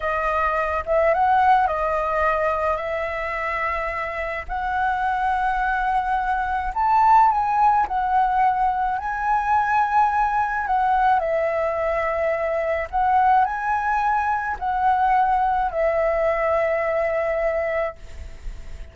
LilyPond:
\new Staff \with { instrumentName = "flute" } { \time 4/4 \tempo 4 = 107 dis''4. e''8 fis''4 dis''4~ | dis''4 e''2. | fis''1 | a''4 gis''4 fis''2 |
gis''2. fis''4 | e''2. fis''4 | gis''2 fis''2 | e''1 | }